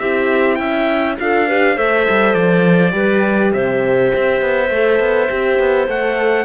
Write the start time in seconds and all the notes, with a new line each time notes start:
0.00 C4 E4 G4 E5
0.56 C#4 E5 G5
1.19 D4 F4 A4 F5
1.48 G4 B4
1.76 A3 A4 C5 E5
2.10 G3
2.34 F3 D5
2.91 G3 G4 B4
3.53 C3 C5 E5
4.15 C4
4.42 B3
4.70 A3 A4
5.00 B3
5.29 C4 G4
5.60 B3
5.87 A3 A4 F#5